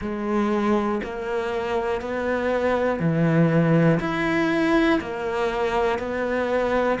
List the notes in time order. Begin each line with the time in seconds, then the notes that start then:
0.00 G#3
1.03 A#3
2.00 B3
2.99 E3
4.00 E4
5.00 A#3
5.99 B3